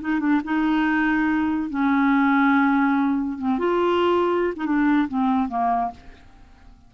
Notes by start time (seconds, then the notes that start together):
0.00 D#4
0.19 D4
0.44 D#4
1.69 C#4
3.38 C4
3.58 F4
4.56 D#4
4.65 D4
5.08 C4
5.48 A#3